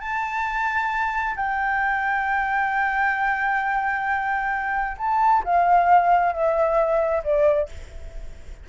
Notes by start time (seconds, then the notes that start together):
0.00 A5
1.36 G5
4.98 A5
5.45 F5
6.33 E5
7.24 D5